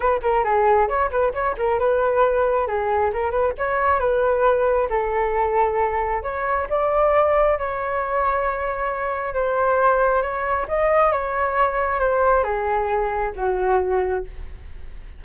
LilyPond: \new Staff \with { instrumentName = "flute" } { \time 4/4 \tempo 4 = 135 b'8 ais'8 gis'4 cis''8 b'8 cis''8 ais'8 | b'2 gis'4 ais'8 b'8 | cis''4 b'2 a'4~ | a'2 cis''4 d''4~ |
d''4 cis''2.~ | cis''4 c''2 cis''4 | dis''4 cis''2 c''4 | gis'2 fis'2 | }